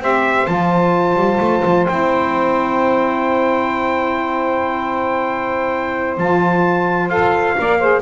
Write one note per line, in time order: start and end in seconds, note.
0.00 0.47 C4
0.00 0.47 G4
0.00 7.58 C5
0.00 0.47 E5
0.47 1.16 F3
0.47 1.87 F4
0.47 1.86 A5
1.16 1.39 G3
1.41 1.64 A3
1.65 1.89 F3
1.88 6.18 C4
1.88 6.18 E4
1.88 6.18 G5
6.18 7.10 F3
6.18 7.10 F4
6.18 7.09 A5
7.09 7.57 F4
7.09 7.56 A4
7.09 8.02 F5
7.58 8.02 A#3
7.58 7.81 A#4
7.58 7.79 D5
7.79 8.02 G#4
7.79 8.02 C5